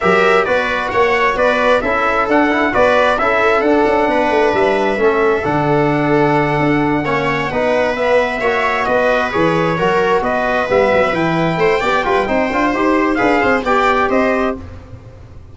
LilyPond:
<<
  \new Staff \with { instrumentName = "trumpet" } { \time 4/4 \tempo 4 = 132 e''4 d''4 fis''4 d''4 | e''4 fis''4 d''4 e''4 | fis''2 e''2 | fis''1~ |
fis''4. e''2 dis''8~ | dis''8 cis''2 dis''4 e''8~ | e''8 g''2.~ g''8 | c''4 f''4 g''4 dis''4 | }
  \new Staff \with { instrumentName = "viola" } { \time 4/4 ais'4 b'4 cis''4 b'4 | a'2 b'4 a'4~ | a'4 b'2 a'4~ | a'2.~ a'8 cis''8~ |
cis''8 b'2 cis''4 b'8~ | b'4. ais'4 b'4.~ | b'4. c''8 d''8 b'8 c''4~ | c''4 b'8 c''8 d''4 c''4 | }
  \new Staff \with { instrumentName = "trombone" } { \time 4/4 g'4 fis'2. | e'4 d'8 e'8 fis'4 e'4 | d'2. cis'4 | d'2.~ d'8 cis'8~ |
cis'8 dis'4 b4 fis'4.~ | fis'8 gis'4 fis'2 b8~ | b8 e'4. g'8 f'8 dis'8 f'8 | g'4 gis'4 g'2 | }
  \new Staff \with { instrumentName = "tuba" } { \time 4/4 fis4 b4 ais4 b4 | cis'4 d'4 b4 cis'4 | d'8 cis'8 b8 a8 g4 a4 | d2~ d8 d'4 ais8~ |
ais8 b2 ais4 b8~ | b8 e4 fis4 b4 g8 | fis8 e4 a8 b8 g8 c'8 d'8 | dis'4 d'8 c'8 b4 c'4 | }
>>